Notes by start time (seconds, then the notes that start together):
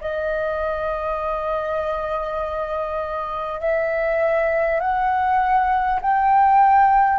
0.00 D#5
3.60 E5
4.79 F#5
6.01 G5